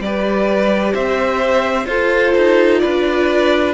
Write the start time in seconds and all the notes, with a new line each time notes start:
0.00 G3 G4 B4 D5
0.93 C4 C5 E5
1.86 F4 A4 C5
2.37 D#4
2.79 D4 B4 D5